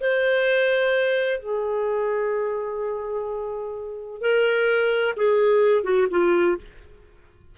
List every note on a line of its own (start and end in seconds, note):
0.00 1.40 C5
1.40 4.21 G#4
4.21 5.15 A#4
5.16 5.84 G#4
5.84 6.07 F#4
6.10 6.57 F4